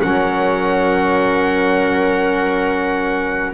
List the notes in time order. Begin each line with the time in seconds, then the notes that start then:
0.00 F#3 C#4 A#4 F#5